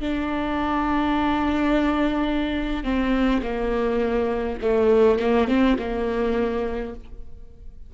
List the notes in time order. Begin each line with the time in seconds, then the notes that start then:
0.00 D4
2.84 C4
3.42 A#3
4.62 A3
5.19 A#3
5.48 C4
5.79 A#3